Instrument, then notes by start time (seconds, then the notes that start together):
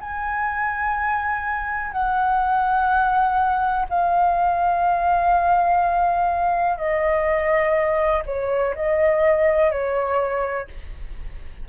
flute
0.00 G#5
1.92 F#5
3.89 F5
6.77 D#5
8.25 C#5
8.74 D#5
9.71 C#5